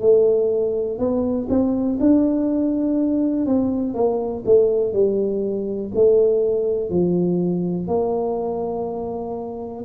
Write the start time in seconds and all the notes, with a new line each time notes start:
0.00 A3
0.98 B3
1.49 C4
2.00 D4
3.46 C4
3.94 A#3
4.45 A3
4.93 G3
5.94 A3
6.90 F3
7.87 A#3